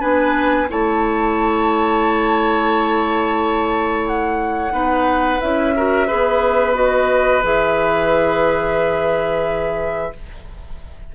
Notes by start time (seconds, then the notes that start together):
0.00 B3 D4 B4 G#5
0.69 A3 E4 C#5 A5
4.08 F#5
4.72 B3 D#4 B4
5.41 C#4 E4 E5
5.77 F#4 A#4
6.08 B3 G#4 B4
6.74 F#4 D#5
7.43 E3 G#4 E5